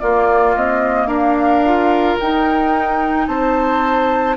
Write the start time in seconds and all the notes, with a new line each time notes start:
0.00 A#3 F4 D5
0.55 C4 D#5
1.07 D4 A#4 F5
1.65 F4
2.20 D#4 G5
3.27 C4 C5 A5